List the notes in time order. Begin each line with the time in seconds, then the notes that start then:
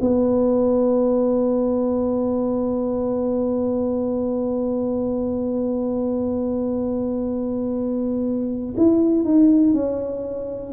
0.00 B3
8.77 E4
9.24 D#4
9.73 C#4